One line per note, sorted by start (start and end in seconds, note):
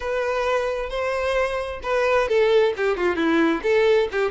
0.00 0.89 B4
0.89 1.80 C5
1.82 2.28 B4
2.28 2.73 A4
2.76 2.96 G4
2.96 3.16 F4
3.16 3.61 E4
3.62 4.08 A4
4.11 4.30 G4